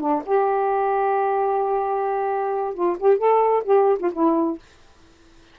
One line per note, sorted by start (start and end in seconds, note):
0.00 0.23 D4
0.25 2.74 G4
2.74 2.96 F4
2.99 3.18 G4
3.18 3.63 A4
3.64 3.98 G4
3.99 4.11 F4
4.13 4.58 E4